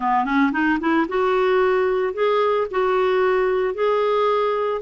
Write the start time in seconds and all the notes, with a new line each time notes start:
0.00 B3
0.24 C#4
0.52 D#4
0.80 E4
1.08 F#4
2.13 G#4
2.70 F#4
3.74 G#4